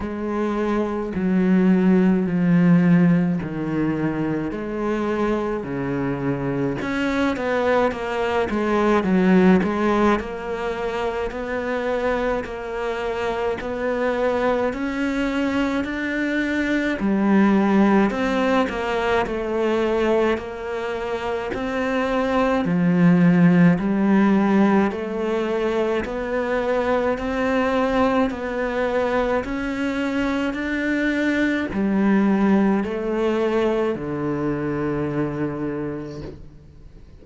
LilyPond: \new Staff \with { instrumentName = "cello" } { \time 4/4 \tempo 4 = 53 gis4 fis4 f4 dis4 | gis4 cis4 cis'8 b8 ais8 gis8 | fis8 gis8 ais4 b4 ais4 | b4 cis'4 d'4 g4 |
c'8 ais8 a4 ais4 c'4 | f4 g4 a4 b4 | c'4 b4 cis'4 d'4 | g4 a4 d2 | }